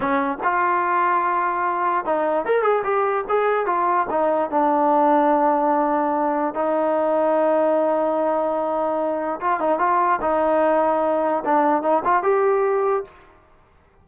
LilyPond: \new Staff \with { instrumentName = "trombone" } { \time 4/4 \tempo 4 = 147 cis'4 f'2.~ | f'4 dis'4 ais'8 gis'8 g'4 | gis'4 f'4 dis'4 d'4~ | d'1 |
dis'1~ | dis'2. f'8 dis'8 | f'4 dis'2. | d'4 dis'8 f'8 g'2 | }